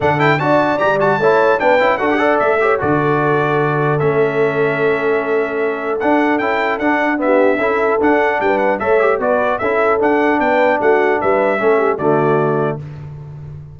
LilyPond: <<
  \new Staff \with { instrumentName = "trumpet" } { \time 4/4 \tempo 4 = 150 fis''8 g''8 a''4 ais''8 a''4. | g''4 fis''4 e''4 d''4~ | d''2 e''2~ | e''2. fis''4 |
g''4 fis''4 e''2 | fis''4 g''8 fis''8 e''4 d''4 | e''4 fis''4 g''4 fis''4 | e''2 d''2 | }
  \new Staff \with { instrumentName = "horn" } { \time 4/4 a'4 d''2 cis''4 | b'4 a'8 d''4 cis''8 a'4~ | a'1~ | a'1~ |
a'2 g'4 a'4~ | a'4 b'4 cis''4 b'4 | a'2 b'4 fis'4 | b'4 a'8 g'8 fis'2 | }
  \new Staff \with { instrumentName = "trombone" } { \time 4/4 d'8 e'8 fis'4 g'8 fis'8 e'4 | d'8 e'8 fis'16 g'16 a'4 g'8 fis'4~ | fis'2 cis'2~ | cis'2. d'4 |
e'4 d'4 b4 e'4 | d'2 a'8 g'8 fis'4 | e'4 d'2.~ | d'4 cis'4 a2 | }
  \new Staff \with { instrumentName = "tuba" } { \time 4/4 d4 d'4 g4 a4 | b8 cis'8 d'4 a4 d4~ | d2 a2~ | a2. d'4 |
cis'4 d'2 cis'4 | d'4 g4 a4 b4 | cis'4 d'4 b4 a4 | g4 a4 d2 | }
>>